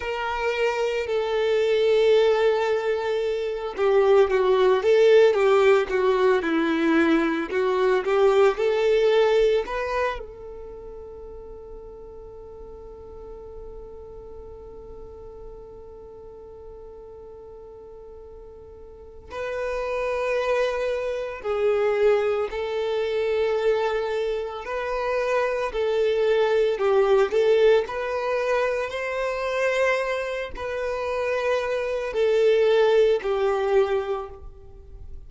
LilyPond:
\new Staff \with { instrumentName = "violin" } { \time 4/4 \tempo 4 = 56 ais'4 a'2~ a'8 g'8 | fis'8 a'8 g'8 fis'8 e'4 fis'8 g'8 | a'4 b'8 a'2~ a'8~ | a'1~ |
a'2 b'2 | gis'4 a'2 b'4 | a'4 g'8 a'8 b'4 c''4~ | c''8 b'4. a'4 g'4 | }